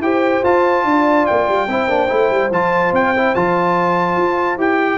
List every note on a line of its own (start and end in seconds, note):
0.00 0.41 E4
0.00 0.44 G4
0.00 0.87 C5
0.00 0.44 G5
0.44 0.84 F4
0.44 1.68 F4
0.44 1.26 A5
0.84 1.26 D4
0.84 1.71 D5
1.26 1.48 A#3
1.26 2.50 G5
1.48 1.67 G3
1.67 1.88 C4
1.67 1.89 E4
1.67 4.98 C5
1.88 2.09 A#3
1.88 2.09 D4
2.09 2.30 A3
2.09 2.50 E4
2.30 2.50 G3
2.50 2.92 F3
2.50 3.15 F4
2.50 2.94 A5
2.92 3.34 C4
2.92 3.35 G5
3.16 3.35 E4
3.35 4.17 F3
3.35 4.58 F4
3.35 4.59 A5
4.17 4.57 F4
4.57 4.98 E4
4.57 4.98 G4
4.57 4.98 G5